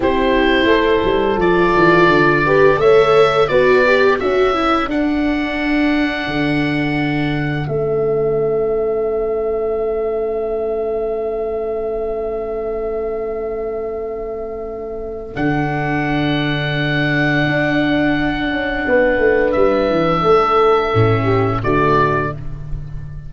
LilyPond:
<<
  \new Staff \with { instrumentName = "oboe" } { \time 4/4 \tempo 4 = 86 c''2 d''2 | e''4 d''4 e''4 fis''4~ | fis''2. e''4~ | e''1~ |
e''1~ | e''2 fis''2~ | fis''1 | e''2. d''4 | }
  \new Staff \with { instrumentName = "horn" } { \time 4/4 g'4 a'2~ a'8 b'8 | cis''4 b'4 a'2~ | a'1~ | a'1~ |
a'1~ | a'1~ | a'2. b'4~ | b'4 a'4. g'8 fis'4 | }
  \new Staff \with { instrumentName = "viola" } { \time 4/4 e'2 f'4. g'8 | a'4 fis'8 g'8 fis'8 e'8 d'4~ | d'2. cis'4~ | cis'1~ |
cis'1~ | cis'2 d'2~ | d'1~ | d'2 cis'4 a4 | }
  \new Staff \with { instrumentName = "tuba" } { \time 4/4 c'4 a8 g8 f8 e8 d4 | a4 b4 cis'4 d'4~ | d'4 d2 a4~ | a1~ |
a1~ | a2 d2~ | d4 d'4. cis'8 b8 a8 | g8 e8 a4 a,4 d4 | }
>>